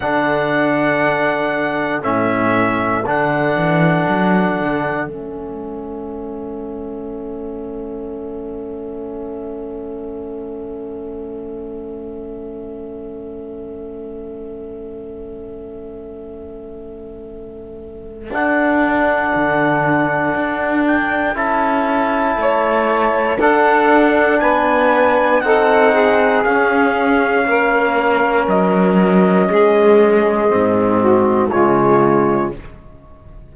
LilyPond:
<<
  \new Staff \with { instrumentName = "trumpet" } { \time 4/4 \tempo 4 = 59 fis''2 e''4 fis''4~ | fis''4 e''2.~ | e''1~ | e''1~ |
e''2 fis''2~ | fis''8 g''8 a''2 fis''4 | gis''4 fis''4 f''2 | dis''2. cis''4 | }
  \new Staff \with { instrumentName = "saxophone" } { \time 4/4 a'1~ | a'1~ | a'1~ | a'1~ |
a'1~ | a'2 cis''4 a'4 | b'4 a'8 gis'4. ais'4~ | ais'4 gis'4. fis'8 f'4 | }
  \new Staff \with { instrumentName = "trombone" } { \time 4/4 d'2 cis'4 d'4~ | d'4 cis'2.~ | cis'1~ | cis'1~ |
cis'2 d'2~ | d'4 e'2 d'4~ | d'4 dis'4 cis'2~ | cis'2 c'4 gis4 | }
  \new Staff \with { instrumentName = "cello" } { \time 4/4 d2 a,4 d8 e8 | fis8 d8 a2.~ | a1~ | a1~ |
a2 d'4 d4 | d'4 cis'4 a4 d'4 | b4 c'4 cis'4 ais4 | fis4 gis4 gis,4 cis4 | }
>>